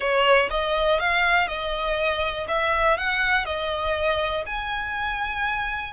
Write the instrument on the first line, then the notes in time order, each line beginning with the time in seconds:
violin
0.00 C#5
0.50 D#5
0.99 F5
1.47 D#5
2.48 E5
2.97 F#5
3.45 D#5
4.46 G#5